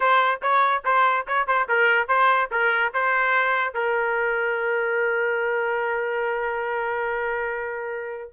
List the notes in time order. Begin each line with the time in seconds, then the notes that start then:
0.00 C5
0.42 C#5
0.84 C5
1.27 C#5
1.47 C5
1.68 A#4
2.08 C5
2.51 A#4
2.93 C5
3.73 A#4